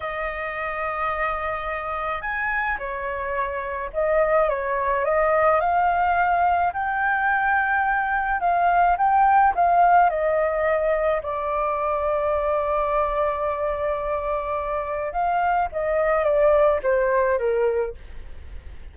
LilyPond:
\new Staff \with { instrumentName = "flute" } { \time 4/4 \tempo 4 = 107 dis''1 | gis''4 cis''2 dis''4 | cis''4 dis''4 f''2 | g''2. f''4 |
g''4 f''4 dis''2 | d''1~ | d''2. f''4 | dis''4 d''4 c''4 ais'4 | }